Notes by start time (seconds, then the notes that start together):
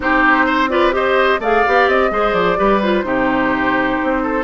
0.00 C4 D#4 G4 C5
0.46 C5
0.69 F4 B4 D5
0.92 G4 C5 D#5
1.39 A3 G#4 D5 F5
1.66 B3 G4
1.87 C4 D#5
2.11 G#3 G#4 C5
2.33 F3 D5
2.56 G3 G4 B4
2.82 F4 C5
3.03 C3 D#4 G4
4.03 C4
4.22 A4